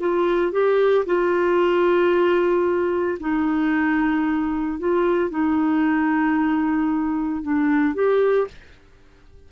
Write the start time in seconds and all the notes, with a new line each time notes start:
0.00 F4
0.52 G4
1.06 F4
3.20 D#4
4.79 F4
5.30 D#4
7.43 D4
7.94 G4